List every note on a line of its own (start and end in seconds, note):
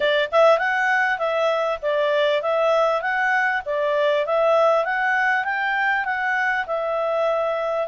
0.00 0.29 D5
0.31 0.58 E5
0.58 1.18 F#5
1.18 1.79 E5
1.82 2.41 D5
2.41 3.01 E5
3.01 3.62 F#5
3.65 4.26 D5
4.26 4.85 E5
4.85 5.44 F#5
5.44 6.04 G5
6.04 6.65 F#5
6.66 7.87 E5